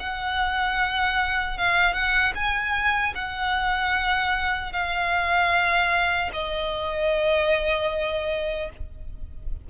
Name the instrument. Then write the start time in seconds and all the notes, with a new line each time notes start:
violin
0.00 F#5
1.58 F5
1.93 F#5
2.35 G#5
3.15 F#5
4.73 F5
6.33 D#5